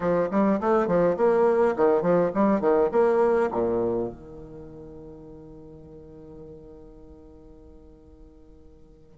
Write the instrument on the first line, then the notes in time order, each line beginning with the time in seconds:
bassoon
0.00 F3
0.30 G3
0.60 A3
0.87 F3
1.17 A#3
1.76 D#3
2.02 F3
2.34 G3
2.61 D#3
2.91 A#3
3.51 A#2
4.09 D#3